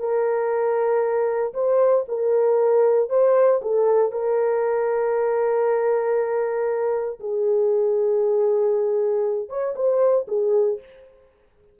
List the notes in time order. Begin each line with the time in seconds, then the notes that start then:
0.00 A#4
1.54 C5
2.09 A#4
3.10 C5
3.62 A4
4.12 A#4
7.20 G#4
9.49 C#5
9.76 C5
10.28 G#4